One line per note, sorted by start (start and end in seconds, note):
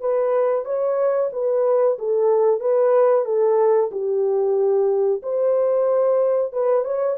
0.00 0.65 B4
0.65 1.30 C#5
1.32 1.97 B4
1.98 2.60 A4
2.60 3.25 B4
3.25 3.90 A4
3.91 5.22 G4
5.22 6.52 C5
6.52 6.84 B4
6.84 7.17 C#5